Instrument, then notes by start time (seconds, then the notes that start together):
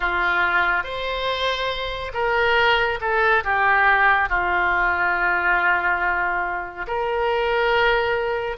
oboe
0.00 F4
0.83 C5
2.13 A#4
3.00 A4
3.44 G4
4.29 F4
6.86 A#4